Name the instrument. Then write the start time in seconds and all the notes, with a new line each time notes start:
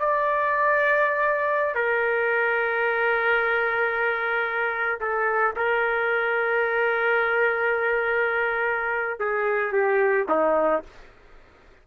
trumpet
0.00 D5
1.75 A#4
5.01 A4
5.57 A#4
9.20 G#4
9.73 G4
10.29 D#4